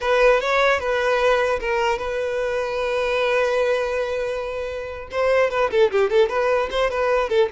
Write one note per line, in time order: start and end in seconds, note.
0.01 0.40 B4
0.40 0.79 C#5
0.79 1.59 B4
1.59 1.98 A#4
1.98 5.08 B4
5.11 5.50 C5
5.50 5.70 B4
5.70 5.90 A4
5.91 6.10 G4
6.10 6.29 A4
6.29 6.69 B4
6.70 6.90 C5
6.90 7.29 B4
7.29 7.49 A4